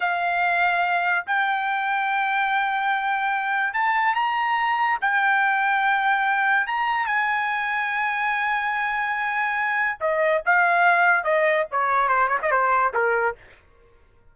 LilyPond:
\new Staff \with { instrumentName = "trumpet" } { \time 4/4 \tempo 4 = 144 f''2. g''4~ | g''1~ | g''4 a''4 ais''2 | g''1 |
ais''4 gis''2.~ | gis''1 | dis''4 f''2 dis''4 | cis''4 c''8 cis''16 dis''16 c''4 ais'4 | }